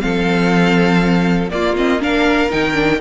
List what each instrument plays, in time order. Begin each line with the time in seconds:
0.00 cello F3, viola C4, violin A4 F5
1.50 viola A#3, cello A#3, violin F4 D5
1.75 viola C4, violin D#5
2.00 viola D4, violin A#4 F5
2.50 cello D#3, viola D#4, violin G5
2.73 viola D4